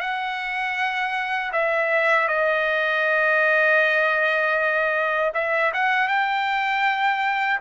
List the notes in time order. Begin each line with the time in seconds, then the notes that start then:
0.00 F#5
1.53 E5
2.28 D#5
5.34 E5
5.74 F#5
6.08 G5